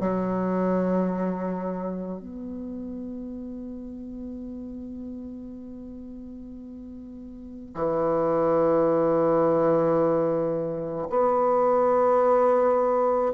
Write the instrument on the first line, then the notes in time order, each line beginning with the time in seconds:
bassoon
0.00 F#3
2.20 B3
7.74 E3
11.10 B3